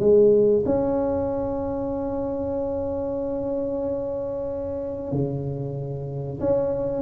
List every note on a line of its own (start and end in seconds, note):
0.00 0.64 G#3
0.66 5.12 C#4
5.12 6.40 C#3
6.40 7.02 C#4